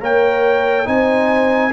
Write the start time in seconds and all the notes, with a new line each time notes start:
0.00 A#3 A#4 C#5 G5
0.85 C4 D#4 C5 G#5